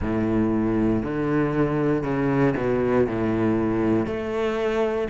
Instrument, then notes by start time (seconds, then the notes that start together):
cello
0.01 A2
1.03 D3
2.03 C#3
2.56 B2
3.06 A2
4.06 A3